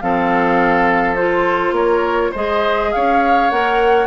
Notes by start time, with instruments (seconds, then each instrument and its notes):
0.00 bassoon F3, clarinet C4, oboe A4, flute F5
1.16 clarinet F4, flute C5
1.72 bassoon A#3, oboe A#4, flute C#5
2.31 bassoon G#3, clarinet G#4, oboe C5, flute D#5
2.92 bassoon C#4, oboe C#5, flute F5
3.50 bassoon A#3, clarinet A#4, flute F#5